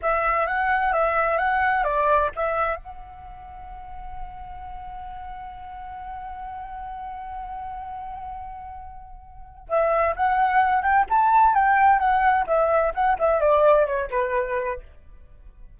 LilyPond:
\new Staff \with { instrumentName = "flute" } { \time 4/4 \tempo 4 = 130 e''4 fis''4 e''4 fis''4 | d''4 e''4 fis''2~ | fis''1~ | fis''1~ |
fis''1~ | fis''4 e''4 fis''4. g''8 | a''4 g''4 fis''4 e''4 | fis''8 e''8 d''4 cis''8 b'4. | }